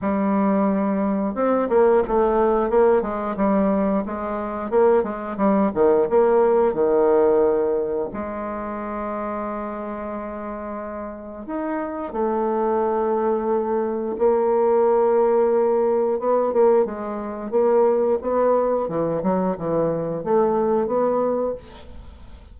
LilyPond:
\new Staff \with { instrumentName = "bassoon" } { \time 4/4 \tempo 4 = 89 g2 c'8 ais8 a4 | ais8 gis8 g4 gis4 ais8 gis8 | g8 dis8 ais4 dis2 | gis1~ |
gis4 dis'4 a2~ | a4 ais2. | b8 ais8 gis4 ais4 b4 | e8 fis8 e4 a4 b4 | }